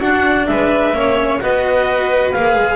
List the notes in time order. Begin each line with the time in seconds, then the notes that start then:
0.00 D4 F#4 F#5
0.47 G#3 B4 E5
0.93 A#3 C#4 C#5
1.41 B3 F#4 B4 D#5
2.32 A#3 G#4 F5
2.56 G#3